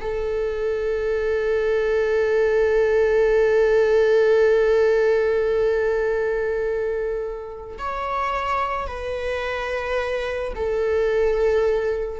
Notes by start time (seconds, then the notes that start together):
0.00 A4
7.78 C#5
8.87 B4
10.55 A4